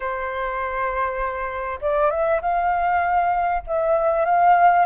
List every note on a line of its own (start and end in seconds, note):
0.00 1.79 C5
1.81 2.10 D5
2.10 2.40 E5
2.41 3.62 F5
3.66 4.25 E5
4.25 4.85 F5